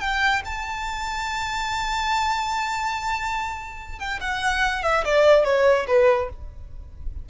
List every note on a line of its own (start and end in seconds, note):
0.00 0.42 G5
0.45 3.99 A5
3.99 4.20 G5
4.20 4.83 F#5
4.83 5.04 E5
5.04 5.44 D5
5.44 5.86 C#5
5.87 6.29 B4